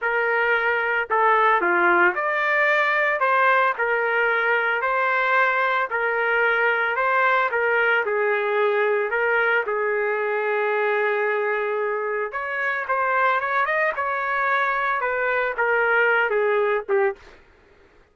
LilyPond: \new Staff \with { instrumentName = "trumpet" } { \time 4/4 \tempo 4 = 112 ais'2 a'4 f'4 | d''2 c''4 ais'4~ | ais'4 c''2 ais'4~ | ais'4 c''4 ais'4 gis'4~ |
gis'4 ais'4 gis'2~ | gis'2. cis''4 | c''4 cis''8 dis''8 cis''2 | b'4 ais'4. gis'4 g'8 | }